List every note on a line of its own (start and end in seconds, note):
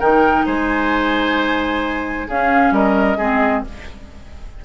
0.00 0.47 D#3
0.00 2.28 D#4
0.00 0.45 A#4
0.00 0.46 G5
0.46 2.29 G#3
0.46 2.28 C5
0.46 2.29 G#5
2.28 2.72 C#4
2.28 3.20 C#4
2.28 2.74 G#4
2.28 2.74 F5
2.72 3.17 G3
2.72 3.18 A#4
2.72 3.65 D#5
3.18 3.64 G#3
3.18 3.65 C4
3.18 3.63 G#4